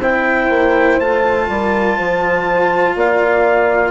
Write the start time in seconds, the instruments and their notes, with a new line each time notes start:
0.00 bassoon C4, cello E4, horn C5, trumpet G5
0.50 bassoon A#3
1.00 bassoon A3, cello F4, trumpet A5
1.49 bassoon G3, horn A#4
1.97 bassoon F3, horn C5
2.96 bassoon A#3, horn D5, trumpet F5